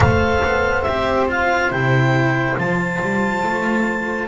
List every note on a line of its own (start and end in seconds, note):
0.00 0.42 A3
0.00 0.86 A4
0.00 4.27 C5
0.00 0.82 F5
0.43 0.86 B3
0.82 1.71 C4
0.82 1.28 G4
0.82 1.25 E5
1.28 1.70 F4
1.28 1.71 F5
1.70 2.56 C3
1.70 2.56 E4
1.70 2.57 G5
2.57 3.00 F3
2.57 4.27 F4
2.57 4.27 A5
3.02 3.43 G3
3.43 4.27 A3